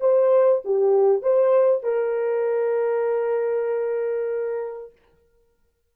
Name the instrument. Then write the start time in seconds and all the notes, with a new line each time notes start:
horn
0.00 C5
0.64 G4
1.22 C5
1.83 A#4